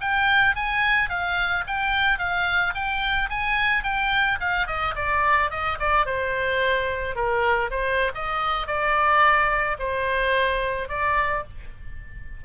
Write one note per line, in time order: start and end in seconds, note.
0.00 0.55 G5
0.55 1.09 G#5
1.09 1.64 F5
1.67 2.18 G5
2.18 2.73 F5
2.74 3.29 G5
3.29 3.83 G#5
3.83 4.38 G5
4.40 4.67 F5
4.67 4.94 D#5
4.95 5.50 D5
5.50 5.78 D#5
5.79 6.05 D5
6.05 7.15 C5
7.15 7.70 A#4
7.70 8.11 C5
8.14 8.67 D#5
8.67 9.77 D5
9.79 10.88 C5
10.88 11.43 D5